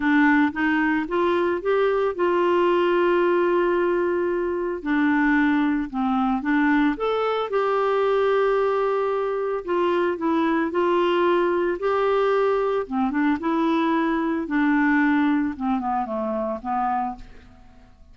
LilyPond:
\new Staff \with { instrumentName = "clarinet" } { \time 4/4 \tempo 4 = 112 d'4 dis'4 f'4 g'4 | f'1~ | f'4 d'2 c'4 | d'4 a'4 g'2~ |
g'2 f'4 e'4 | f'2 g'2 | c'8 d'8 e'2 d'4~ | d'4 c'8 b8 a4 b4 | }